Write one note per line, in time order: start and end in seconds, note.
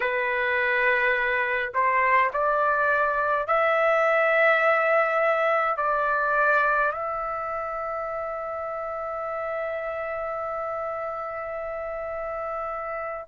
0.00 1.72 B4
1.74 2.31 C5
2.33 3.47 D5
3.47 5.76 E5
5.76 6.92 D5
6.92 13.26 E5